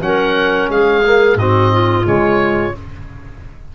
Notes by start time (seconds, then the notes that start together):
0.00 F#3 C#4 A#4 F#5
0.69 G#3 G#4 F5
1.04 A#3
1.35 G#2 C4 F#4 D#5
1.72 F4
2.04 C#3 G#3 C#5